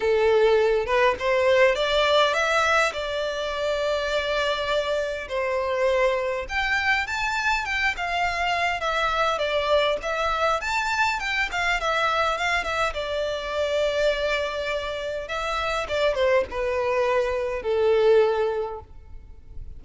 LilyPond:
\new Staff \with { instrumentName = "violin" } { \time 4/4 \tempo 4 = 102 a'4. b'8 c''4 d''4 | e''4 d''2.~ | d''4 c''2 g''4 | a''4 g''8 f''4. e''4 |
d''4 e''4 a''4 g''8 f''8 | e''4 f''8 e''8 d''2~ | d''2 e''4 d''8 c''8 | b'2 a'2 | }